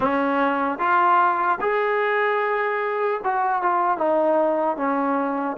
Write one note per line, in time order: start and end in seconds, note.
0.00 0.78 C#4
0.78 1.58 F4
1.60 3.20 G#4
3.24 3.62 F#4
3.62 3.97 F4
3.97 4.76 D#4
4.76 5.56 C#4